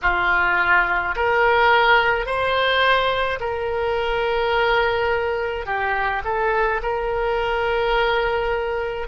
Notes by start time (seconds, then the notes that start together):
0.02 F4
1.15 A#4
2.26 C5
3.40 A#4
5.66 G4
6.24 A4
6.82 A#4